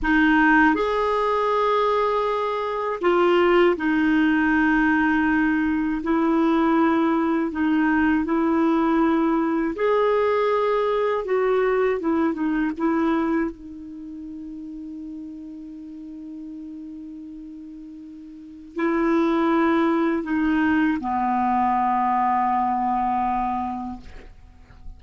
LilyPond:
\new Staff \with { instrumentName = "clarinet" } { \time 4/4 \tempo 4 = 80 dis'4 gis'2. | f'4 dis'2. | e'2 dis'4 e'4~ | e'4 gis'2 fis'4 |
e'8 dis'8 e'4 dis'2~ | dis'1~ | dis'4 e'2 dis'4 | b1 | }